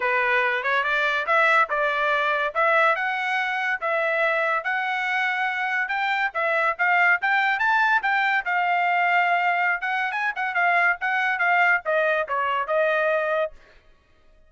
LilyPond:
\new Staff \with { instrumentName = "trumpet" } { \time 4/4 \tempo 4 = 142 b'4. cis''8 d''4 e''4 | d''2 e''4 fis''4~ | fis''4 e''2 fis''4~ | fis''2 g''4 e''4 |
f''4 g''4 a''4 g''4 | f''2.~ f''16 fis''8. | gis''8 fis''8 f''4 fis''4 f''4 | dis''4 cis''4 dis''2 | }